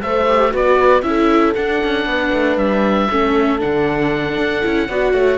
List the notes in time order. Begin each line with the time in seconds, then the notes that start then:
0.00 A3 A4 C5 E5
0.28 G4
0.51 B3 F#4 B4 D5
1.02 C#4 E4 A4 E5
1.55 D4 F#5
1.83 C#4
2.05 B3 B4
2.32 A3
2.56 G3 E5
3.10 A3 C#4 A4
3.58 D3 D4 F#5
4.37 D4
4.62 C#4 E4
4.88 B3 F#4 D5
5.12 A3 C#5